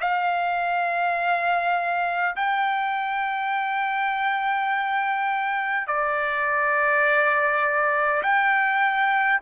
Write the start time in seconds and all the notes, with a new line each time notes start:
0.00 F5
2.36 G5
5.87 D5
8.22 G5